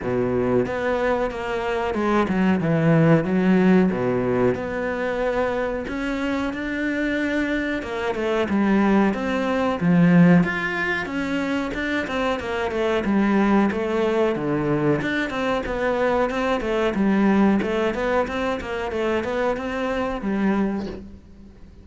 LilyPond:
\new Staff \with { instrumentName = "cello" } { \time 4/4 \tempo 4 = 92 b,4 b4 ais4 gis8 fis8 | e4 fis4 b,4 b4~ | b4 cis'4 d'2 | ais8 a8 g4 c'4 f4 |
f'4 cis'4 d'8 c'8 ais8 a8 | g4 a4 d4 d'8 c'8 | b4 c'8 a8 g4 a8 b8 | c'8 ais8 a8 b8 c'4 g4 | }